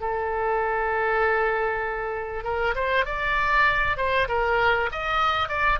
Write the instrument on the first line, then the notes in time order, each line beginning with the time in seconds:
oboe
0.00 A4
2.44 A#4
2.74 C5
3.05 D5
3.97 C5
4.28 A#4
4.91 D#5
5.48 D5